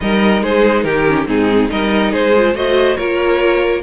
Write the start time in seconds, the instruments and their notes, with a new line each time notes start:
0.00 cello G3, viola D#4, violin A#4 D#5
0.41 cello G#3, violin G#4 C5
0.82 cello D#3, violin G4 A#4
1.07 viola C#4
1.26 cello G#2, viola C4, violin D#4 G#4
1.69 cello G3, viola D#4, violin A#4 D#5
2.11 cello G#3, violin G#4 C5
2.36 viola F4
2.54 cello A3, viola F#4, violin C5 D#5
2.96 cello A#3, viola F4, violin A#4 C#5